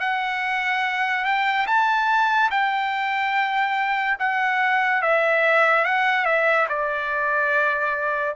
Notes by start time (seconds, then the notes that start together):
0.00 F#5
1.24 G5
1.66 A5
2.50 G5
4.19 F#5
5.02 E5
5.84 F#5
6.25 E5
6.68 D5